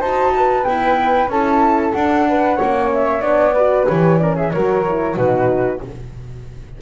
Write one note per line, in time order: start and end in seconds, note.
0.00 0.65 D#4
0.00 0.65 F#4
0.00 0.32 C5
0.00 0.64 A5
0.36 1.31 B4
0.64 1.30 B3
0.64 1.28 E4
0.64 1.28 G5
1.28 1.93 C#4
1.28 1.95 E4
1.28 2.28 A4
1.28 1.93 A5
1.93 2.59 D4
1.93 2.90 F#5
2.28 2.56 B4
2.56 3.21 A#3
2.56 3.21 C#4
2.56 3.53 C#5
2.93 3.21 E5
3.21 3.86 B3
3.21 3.53 D4
3.21 3.85 D5
3.53 3.88 F#4
3.53 4.18 B4
3.87 4.54 E3
3.87 4.19 G4
3.87 4.18 C#5
4.18 4.52 C#4
4.18 4.35 A#4
4.18 4.35 D5
4.35 4.51 G#4
4.35 4.51 E5
4.51 5.16 F#3
4.51 4.87 F#4
4.51 5.15 A#4
4.51 5.16 C#5
4.88 5.16 E4
5.15 5.81 B2
5.15 5.81 D#4
5.15 5.80 F#4
5.15 5.81 B4